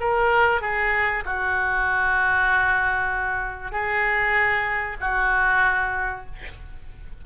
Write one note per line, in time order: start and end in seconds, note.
0.00 0.61 A#4
0.61 1.24 G#4
1.25 3.72 F#4
3.72 4.97 G#4
5.01 6.26 F#4